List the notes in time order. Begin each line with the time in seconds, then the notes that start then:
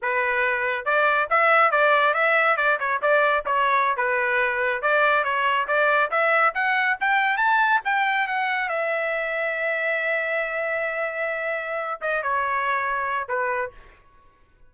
0.02 B4
0.85 D5
1.30 E5
1.71 D5
2.14 E5
2.56 D5
2.79 C#5
3.01 D5
3.45 C#5
3.96 B4
4.82 D5
5.24 C#5
5.67 D5
6.11 E5
6.54 F#5
7.00 G5
7.37 A5
7.84 G5
8.27 F#5
8.68 E5
12.01 D#5
12.22 C#5
13.28 B4